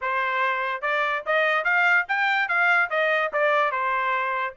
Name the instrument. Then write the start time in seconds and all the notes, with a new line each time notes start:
trumpet
0.01 C5
0.81 D5
1.26 D#5
1.64 F5
2.08 G5
2.48 F5
2.90 D#5
3.32 D5
3.71 C5